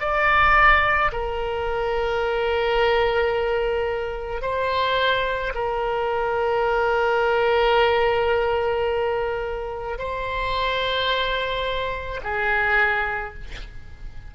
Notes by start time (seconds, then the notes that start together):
0.00 D5
1.12 A#4
4.41 C5
5.55 A#4
9.98 C5
12.23 G#4